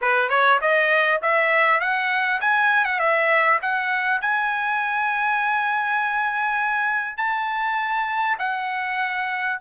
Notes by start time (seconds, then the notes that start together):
0.01 B4
0.29 C#5
0.61 D#5
1.22 E5
1.80 F#5
2.40 G#5
2.84 F#5
2.99 E5
3.62 F#5
4.21 G#5
7.17 A5
8.38 F#5